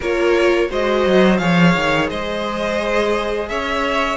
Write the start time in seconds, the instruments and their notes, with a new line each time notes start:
0.00 cello A#3, viola F4, violin A#4 C#5
0.68 cello G#3, viola F#4, violin C5 D#5
1.06 cello F#3
1.37 cello F3, viola G#4, violin C#5 F5
1.75 cello D#3
2.09 cello G#3, violin C5 D#5
3.48 cello C#4, violin C#5 E5